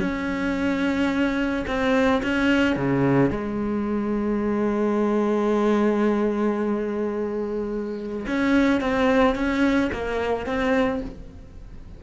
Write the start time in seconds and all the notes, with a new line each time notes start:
0.00 C#4
1.67 C4
2.23 C#4
2.76 C#3
3.31 G#3
8.27 C#4
8.81 C4
9.35 C#4
9.93 A#3
10.46 C4